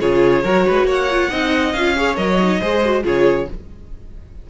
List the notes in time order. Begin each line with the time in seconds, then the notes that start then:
0.00 C#3 F4 G#4 C#5
0.43 F#3 F#4 A#4
0.66 G#3 B4
0.84 A#3 C#5
0.90 F#5
1.10 F4
1.30 C4 D#4 D#5
1.72 C#4 F4 F5
1.96 G#4 C#5
2.16 F#3 A#4 D#5
2.41 D#4
2.60 G#3 G#4 C5
2.84 F#4
3.03 C#3 F4 G#4 C#5